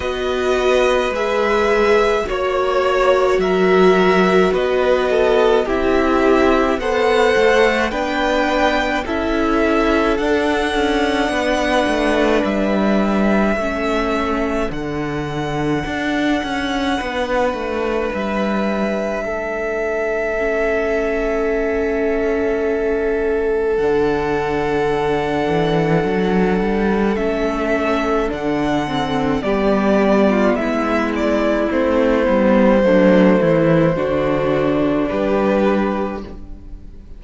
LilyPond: <<
  \new Staff \with { instrumentName = "violin" } { \time 4/4 \tempo 4 = 53 dis''4 e''4 cis''4 e''4 | dis''4 e''4 fis''4 g''4 | e''4 fis''2 e''4~ | e''4 fis''2. |
e''1~ | e''4 fis''2. | e''4 fis''4 d''4 e''8 d''8 | c''2. b'4 | }
  \new Staff \with { instrumentName = "violin" } { \time 4/4 b'2 cis''4 ais'4 | b'8 a'8 g'4 c''4 b'4 | a'2 b'2 | a'2. b'4~ |
b'4 a'2.~ | a'1~ | a'2 g'8. f'16 e'4~ | e'4 d'8 e'8 fis'4 g'4 | }
  \new Staff \with { instrumentName = "viola" } { \time 4/4 fis'4 gis'4 fis'2~ | fis'4 e'4 a'4 d'4 | e'4 d'2. | cis'4 d'2.~ |
d'2 cis'2~ | cis'4 d'2. | cis'4 d'8 c'8 b2 | c'8 b8 a4 d'2 | }
  \new Staff \with { instrumentName = "cello" } { \time 4/4 b4 gis4 ais4 fis4 | b4 c'4 b8 a8 b4 | cis'4 d'8 cis'8 b8 a8 g4 | a4 d4 d'8 cis'8 b8 a8 |
g4 a2.~ | a4 d4. e8 fis8 g8 | a4 d4 g4 gis4 | a8 g8 fis8 e8 d4 g4 | }
>>